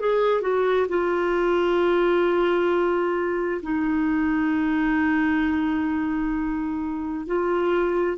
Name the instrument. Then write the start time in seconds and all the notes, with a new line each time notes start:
clarinet
0.00 G#4
0.41 F#4
0.88 F4
3.62 D#4
7.26 F4